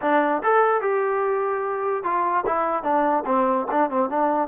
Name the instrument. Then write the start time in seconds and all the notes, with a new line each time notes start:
trombone
0.01 D4
0.43 A4
0.81 G4
2.03 F4
2.46 E4
2.83 D4
3.25 C4
3.71 D4
3.89 C4
4.09 D4